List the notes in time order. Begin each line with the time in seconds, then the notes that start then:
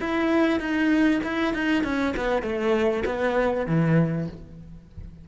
0.00 E4
0.59 D#4
1.23 E4
1.53 D#4
1.83 C#4
2.16 B3
2.42 A3
3.05 B3
3.66 E3